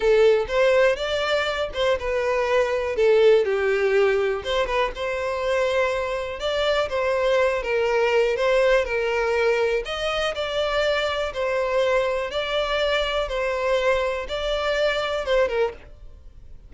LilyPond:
\new Staff \with { instrumentName = "violin" } { \time 4/4 \tempo 4 = 122 a'4 c''4 d''4. c''8 | b'2 a'4 g'4~ | g'4 c''8 b'8 c''2~ | c''4 d''4 c''4. ais'8~ |
ais'4 c''4 ais'2 | dis''4 d''2 c''4~ | c''4 d''2 c''4~ | c''4 d''2 c''8 ais'8 | }